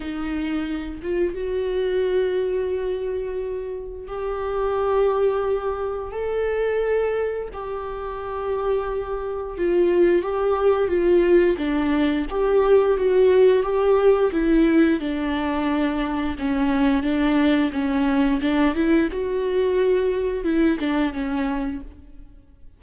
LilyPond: \new Staff \with { instrumentName = "viola" } { \time 4/4 \tempo 4 = 88 dis'4. f'8 fis'2~ | fis'2 g'2~ | g'4 a'2 g'4~ | g'2 f'4 g'4 |
f'4 d'4 g'4 fis'4 | g'4 e'4 d'2 | cis'4 d'4 cis'4 d'8 e'8 | fis'2 e'8 d'8 cis'4 | }